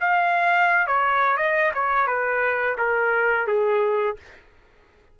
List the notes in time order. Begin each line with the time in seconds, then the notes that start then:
0.00 F5
0.87 C#5
1.37 D#5
1.74 C#5
2.07 B4
2.78 A#4
3.47 G#4